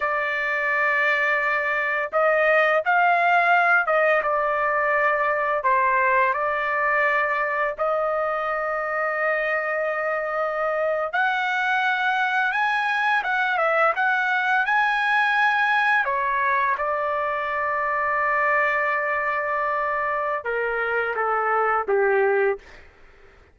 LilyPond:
\new Staff \with { instrumentName = "trumpet" } { \time 4/4 \tempo 4 = 85 d''2. dis''4 | f''4. dis''8 d''2 | c''4 d''2 dis''4~ | dis''2.~ dis''8. fis''16~ |
fis''4.~ fis''16 gis''4 fis''8 e''8 fis''16~ | fis''8. gis''2 cis''4 d''16~ | d''1~ | d''4 ais'4 a'4 g'4 | }